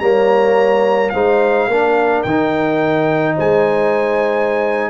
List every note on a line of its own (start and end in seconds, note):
0.00 1.12 G3
0.00 1.14 A#3
0.00 1.13 C#5
0.00 1.10 A#5
1.10 1.68 G#3
1.10 1.70 D#4
1.10 1.69 C5
1.10 2.22 F5
1.68 2.24 A#3
1.68 2.27 D4
1.68 3.36 A#4
2.23 3.37 D#3
2.23 4.90 D#4
2.23 3.35 G5
3.36 4.90 G#3
3.36 4.90 C5
3.36 4.90 G#5